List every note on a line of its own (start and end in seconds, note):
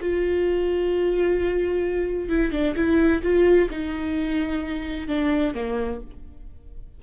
0.00 2.29 F4
2.29 2.51 E4
2.51 2.75 D4
2.75 3.22 E4
3.22 3.69 F4
3.70 5.07 D#4
5.07 5.54 D4
5.54 6.00 A#3